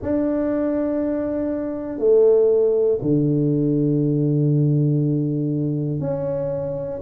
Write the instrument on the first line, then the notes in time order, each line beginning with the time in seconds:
tuba
0.02 D4
1.98 A3
3.01 D3
6.00 C#4